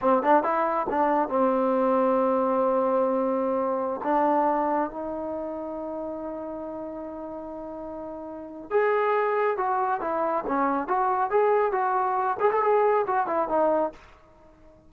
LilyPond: \new Staff \with { instrumentName = "trombone" } { \time 4/4 \tempo 4 = 138 c'8 d'8 e'4 d'4 c'4~ | c'1~ | c'4~ c'16 d'2 dis'8.~ | dis'1~ |
dis'1 | gis'2 fis'4 e'4 | cis'4 fis'4 gis'4 fis'4~ | fis'8 gis'16 a'16 gis'4 fis'8 e'8 dis'4 | }